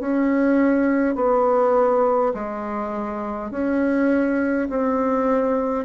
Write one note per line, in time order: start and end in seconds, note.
0.00 1.15 C#4
1.15 2.33 B3
2.34 3.51 G#3
3.51 4.68 C#4
4.70 5.85 C4